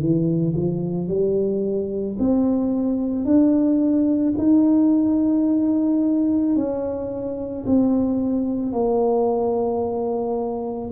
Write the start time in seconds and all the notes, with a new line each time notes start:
0.00 E3
0.56 F3
1.08 G3
2.19 C4
3.25 D4
4.38 D#4
6.56 C#4
7.66 C4
8.72 A#3